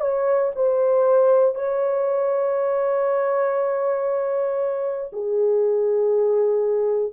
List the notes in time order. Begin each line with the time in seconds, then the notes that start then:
0.00 C#5
0.55 C5
1.55 C#5
5.12 G#4